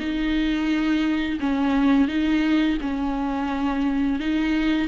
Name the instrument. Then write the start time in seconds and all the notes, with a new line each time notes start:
viola
0.00 D#4
1.40 C#4
2.08 D#4
2.81 C#4
4.20 D#4